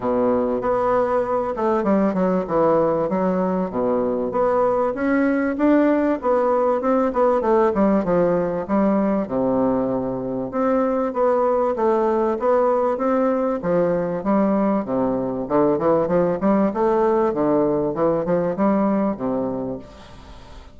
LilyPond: \new Staff \with { instrumentName = "bassoon" } { \time 4/4 \tempo 4 = 97 b,4 b4. a8 g8 fis8 | e4 fis4 b,4 b4 | cis'4 d'4 b4 c'8 b8 | a8 g8 f4 g4 c4~ |
c4 c'4 b4 a4 | b4 c'4 f4 g4 | c4 d8 e8 f8 g8 a4 | d4 e8 f8 g4 c4 | }